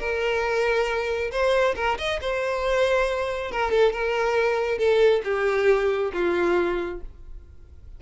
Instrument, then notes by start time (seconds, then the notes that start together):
violin
0.00 A#4
1.32 C5
1.76 A#4
1.98 D#5
2.21 C5
3.52 A#4
3.72 A4
3.93 A#4
4.79 A4
5.25 G4
6.14 F4